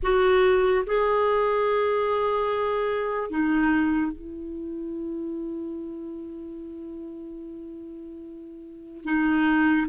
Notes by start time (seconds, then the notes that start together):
0.02 F#4
0.86 G#4
3.30 D#4
4.12 E4
9.04 D#4